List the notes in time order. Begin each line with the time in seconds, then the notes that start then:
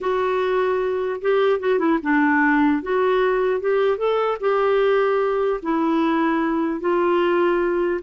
0.00 F#4
1.21 G4
1.59 F#4
1.78 E4
2.02 D4
2.82 F#4
3.60 G4
3.97 A4
4.40 G4
5.62 E4
6.80 F4